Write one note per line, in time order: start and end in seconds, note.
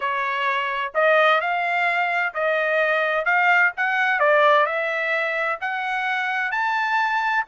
0.00 0.92 C#5
0.94 1.40 D#5
1.40 2.33 F5
2.34 3.25 D#5
3.25 3.71 F5
3.76 4.19 F#5
4.19 4.65 D5
4.65 5.58 E5
5.60 6.51 F#5
6.51 7.44 A5